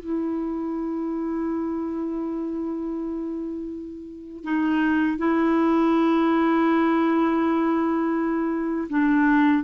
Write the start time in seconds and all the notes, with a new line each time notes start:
0.00 E4
4.44 D#4
5.18 E4
8.90 D4